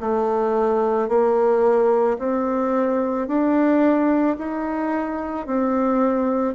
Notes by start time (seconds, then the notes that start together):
0.00 A3
1.09 A#3
2.19 C4
3.28 D4
4.38 D#4
5.46 C4